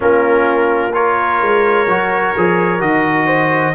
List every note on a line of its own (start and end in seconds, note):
0.00 1.41 A#3
0.00 0.92 C#4
0.00 0.94 F4
0.00 0.94 A#4
0.93 1.87 F4
0.93 3.26 A#4
0.93 2.81 C#5
1.41 1.87 G#3
1.87 2.34 F#3
1.87 2.35 F#4
2.37 2.80 F3
2.37 2.79 G#4
2.79 3.74 D#3
2.79 3.73 F#4
2.79 3.74 D#5
3.26 3.73 C5